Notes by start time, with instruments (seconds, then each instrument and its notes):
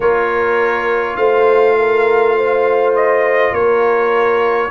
0.00 tuba A#3, trombone F4, horn A#4, trumpet C#5
1.16 tuba A3, horn C5, trumpet F5
1.78 horn A#4
2.36 horn C5
2.95 trumpet D#5
3.52 tuba A#3, horn A#4, trumpet C#5